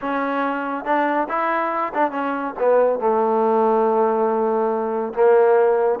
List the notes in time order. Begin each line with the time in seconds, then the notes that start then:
0.01 C#4
0.85 D4
1.28 E4
1.93 D4
2.11 C#4
2.59 B3
2.99 A3
5.14 A#3